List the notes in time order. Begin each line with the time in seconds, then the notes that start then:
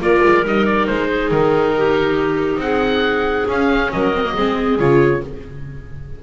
0.00 A#3 F4 A#4 D5
0.25 G#3
0.45 G3 D#4 D#5
0.66 D5
0.87 G#3 C5
1.09 G#4
1.31 D#3 A#4
1.77 G4
2.57 C4 G#4 F#5
3.48 C#4 F5
3.92 F#3 A#4 D#5
4.14 C4
4.25 A#3
4.34 G#3 C4 G#4
4.79 C#3 F4 C#5